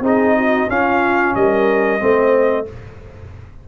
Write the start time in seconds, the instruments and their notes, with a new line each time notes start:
0.00 tuba C4, trombone D#4, horn G#4, trumpet D#5
0.36 horn F#4
0.68 tuba C#4, trombone C#4, horn F4, trumpet F5
1.35 tuba G3, horn A#4, trumpet D#5
1.99 tuba A3, trombone C4, horn C5